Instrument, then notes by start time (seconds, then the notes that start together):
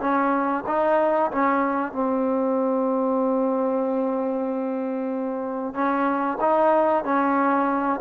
trombone
0.00 C#4
0.67 D#4
1.31 C#4
1.92 C4
5.74 C#4
6.41 D#4
7.04 C#4